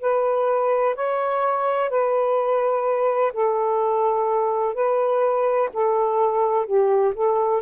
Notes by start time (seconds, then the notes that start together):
0.00 B4
0.95 C#5
1.89 B4
3.33 A4
4.74 B4
5.74 A4
6.66 G4
7.14 A4